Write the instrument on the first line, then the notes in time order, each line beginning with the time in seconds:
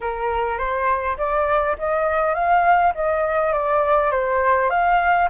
flute
0.00 A#4
0.57 C5
1.17 D5
1.78 D#5
2.34 F5
2.94 D#5
3.53 D5
4.11 C5
4.70 F5